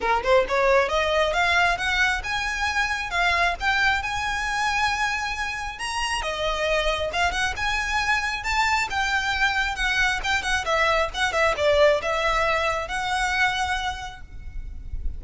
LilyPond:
\new Staff \with { instrumentName = "violin" } { \time 4/4 \tempo 4 = 135 ais'8 c''8 cis''4 dis''4 f''4 | fis''4 gis''2 f''4 | g''4 gis''2.~ | gis''4 ais''4 dis''2 |
f''8 fis''8 gis''2 a''4 | g''2 fis''4 g''8 fis''8 | e''4 fis''8 e''8 d''4 e''4~ | e''4 fis''2. | }